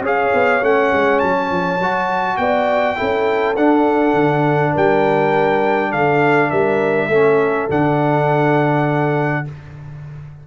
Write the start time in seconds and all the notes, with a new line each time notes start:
0.00 C#4 G#4 C#5
0.06 F5
0.33 B3
0.62 A3 C#4 F#5
0.92 G#3
1.19 F#3 A5
1.51 F3
1.79 F#3 F#4
2.37 B3 D5 G5
2.96 C#4 E4 A4
3.56 D4 F#5
4.13 D3
4.72 G3 A#4 G5
5.90 D3 A4 F5
6.49 G3 A#4 E5
7.08 A3 C#4 A4
7.68 D3 D4 F#5